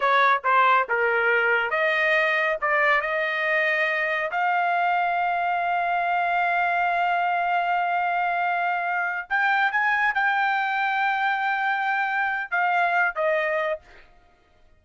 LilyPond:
\new Staff \with { instrumentName = "trumpet" } { \time 4/4 \tempo 4 = 139 cis''4 c''4 ais'2 | dis''2 d''4 dis''4~ | dis''2 f''2~ | f''1~ |
f''1~ | f''4. g''4 gis''4 g''8~ | g''1~ | g''4 f''4. dis''4. | }